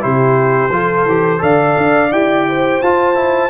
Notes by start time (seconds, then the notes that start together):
0.00 C3 E4 G4 C5
0.70 F3 F4 A4
1.06 E3 G4
1.39 D3 A4 D5 F5
1.77 D4
2.12 E4 G4 G5
2.49 C5
2.82 F4 A5
3.15 E4